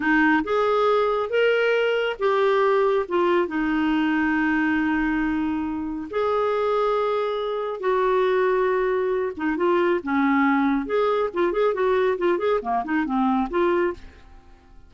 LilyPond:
\new Staff \with { instrumentName = "clarinet" } { \time 4/4 \tempo 4 = 138 dis'4 gis'2 ais'4~ | ais'4 g'2 f'4 | dis'1~ | dis'2 gis'2~ |
gis'2 fis'2~ | fis'4. dis'8 f'4 cis'4~ | cis'4 gis'4 f'8 gis'8 fis'4 | f'8 gis'8 ais8 dis'8 c'4 f'4 | }